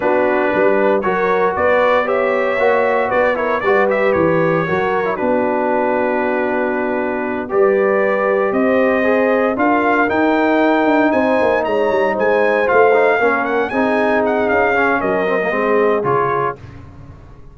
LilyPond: <<
  \new Staff \with { instrumentName = "trumpet" } { \time 4/4 \tempo 4 = 116 b'2 cis''4 d''4 | e''2 d''8 cis''8 d''8 e''8 | cis''2 b'2~ | b'2~ b'8 d''4.~ |
d''8 dis''2 f''4 g''8~ | g''4. gis''4 ais''4 gis''8~ | gis''8 f''4. fis''8 gis''4 fis''8 | f''4 dis''2 cis''4 | }
  \new Staff \with { instrumentName = "horn" } { \time 4/4 fis'4 b'4 ais'4 b'4 | cis''2 b'8 ais'8 b'4~ | b'4 ais'4 fis'2~ | fis'2~ fis'8 b'4.~ |
b'8 c''2 ais'4.~ | ais'4. c''4 cis''4 c''8~ | c''4. ais'4 gis'4.~ | gis'4 ais'4 gis'2 | }
  \new Staff \with { instrumentName = "trombone" } { \time 4/4 d'2 fis'2 | g'4 fis'4. e'8 fis'8 g'8~ | g'4 fis'8. e'16 d'2~ | d'2~ d'8 g'4.~ |
g'4. gis'4 f'4 dis'8~ | dis'1~ | dis'8 f'8 dis'8 cis'4 dis'4.~ | dis'8 cis'4 c'16 ais16 c'4 f'4 | }
  \new Staff \with { instrumentName = "tuba" } { \time 4/4 b4 g4 fis4 b4~ | b4 ais4 b4 g4 | e4 fis4 b2~ | b2~ b8 g4.~ |
g8 c'2 d'4 dis'8~ | dis'4 d'8 c'8 ais8 gis8 g8 gis8~ | gis8 a4 ais4 c'4. | cis'4 fis4 gis4 cis4 | }
>>